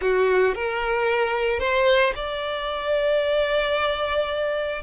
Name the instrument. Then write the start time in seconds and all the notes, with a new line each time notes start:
violin
0.01 F#4
0.54 A#4
1.59 C5
2.15 D5